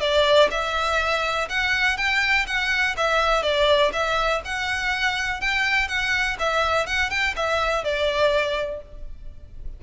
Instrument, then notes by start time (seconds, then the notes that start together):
violin
0.00 D5
0.51 E5
1.49 F#5
1.97 G5
2.46 F#5
2.96 E5
3.42 D5
3.92 E5
4.45 F#5
5.40 G5
5.88 F#5
6.39 E5
6.86 F#5
7.10 G5
7.35 E5
7.84 D5